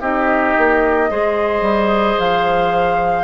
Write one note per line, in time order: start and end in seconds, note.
0.00 0.55 C4
0.00 1.09 D#4
0.00 1.09 G4
0.00 2.19 D#5
0.57 1.10 A#3
1.09 1.61 G#3
1.09 3.23 G#4
1.09 3.23 C5
1.61 2.15 G3
2.19 3.23 F3
2.19 3.23 F5